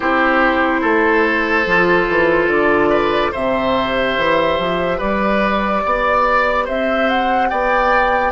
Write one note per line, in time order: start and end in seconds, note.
0.00 0.83 C4
0.00 1.65 E4
0.00 0.81 G4
0.00 2.50 C5
0.81 1.66 A3
0.81 2.89 A4
1.66 2.07 F3
1.66 3.32 F4
2.08 2.47 E3
2.47 3.30 D3
2.47 3.33 D5
2.89 3.31 B4
3.31 4.17 C3
3.31 8.32 G4
3.31 4.98 C5
3.31 4.99 E5
4.17 4.59 E3
4.59 5.00 F3
4.98 5.84 G3
4.98 5.81 B4
4.98 6.66 D5
5.85 6.68 B3
5.85 6.64 D5
6.64 7.51 C4
6.64 7.48 C5
6.64 7.09 E5
7.09 7.48 F#5
7.48 8.32 B3
7.48 8.32 D5
7.48 8.32 G5